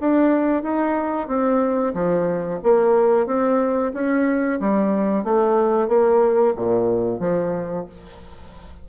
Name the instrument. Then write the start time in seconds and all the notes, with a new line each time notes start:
bassoon
0.00 D4
0.62 D#4
1.27 C4
1.94 F3
2.63 A#3
3.26 C4
3.93 C#4
4.60 G3
5.24 A3
5.87 A#3
6.56 A#2
7.19 F3